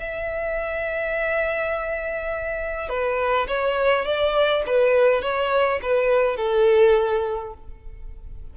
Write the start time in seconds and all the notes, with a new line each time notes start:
0.00 E5
2.89 B4
3.48 C#5
4.05 D5
4.67 B4
5.22 C#5
5.83 B4
6.37 A4